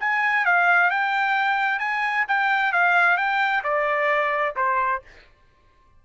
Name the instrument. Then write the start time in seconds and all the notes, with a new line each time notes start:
trumpet
0.00 G#5
0.45 F5
0.90 G5
1.79 G#5
2.28 G5
2.72 F5
3.17 G5
3.63 D5
4.56 C5